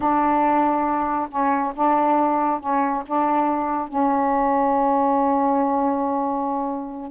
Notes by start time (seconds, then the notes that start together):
0.00 D4
1.29 C#4
1.75 D4
2.60 C#4
3.06 D4
3.88 C#4